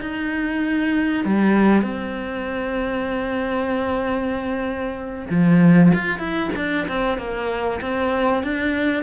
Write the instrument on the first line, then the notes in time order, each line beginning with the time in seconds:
cello
0.00 D#4
1.25 G3
1.82 C4
5.30 F3
5.94 F4
6.19 E4
6.56 D4
6.88 C4
7.18 A#3
7.81 C4
8.43 D4